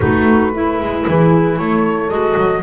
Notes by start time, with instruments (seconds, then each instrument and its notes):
0.00 double bass A3, clarinet D#4, horn F#4, flute B4
0.53 horn E4, clarinet E4
0.79 double bass G#3
1.07 double bass E3, horn G#4
1.58 double bass A3, horn A4, flute C#5
2.08 double bass G#3, clarinet F#4, flute D#5
2.37 double bass F#3